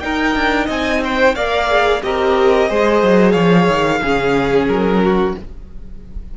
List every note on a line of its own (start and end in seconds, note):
0.00 1.34 D#4
0.00 0.35 D#4
0.00 0.65 A#4
0.00 0.67 G5
0.35 0.68 D4
0.65 1.35 C4
0.65 0.99 D#5
0.65 1.03 G#5
1.03 1.35 C5
1.03 1.35 G5
1.35 2.02 A#3
1.35 1.68 A#4
1.35 2.02 D5
1.35 2.02 F5
1.68 2.01 G#4
2.02 2.70 C4
2.02 2.69 G4
2.02 2.69 A#4
2.02 3.31 D#5
2.69 3.02 G#3
2.69 4.02 G#4
2.69 3.32 C5
3.02 3.35 F#3
3.31 3.68 F3
3.31 3.99 C#5
3.31 4.64 F5
3.68 4.02 D#3
4.02 4.68 C#3
4.02 5.37 C#4
4.02 5.02 G#4
4.67 5.34 F#3
4.67 5.34 A#4
5.04 5.37 F#4